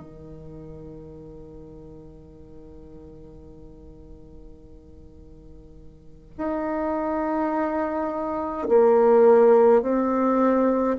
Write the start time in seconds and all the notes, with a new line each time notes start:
0.00 D#3
6.37 D#4
8.68 A#3
9.82 C4